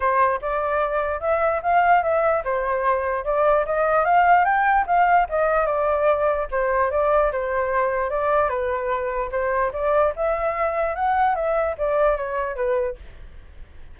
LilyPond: \new Staff \with { instrumentName = "flute" } { \time 4/4 \tempo 4 = 148 c''4 d''2 e''4 | f''4 e''4 c''2 | d''4 dis''4 f''4 g''4 | f''4 dis''4 d''2 |
c''4 d''4 c''2 | d''4 b'2 c''4 | d''4 e''2 fis''4 | e''4 d''4 cis''4 b'4 | }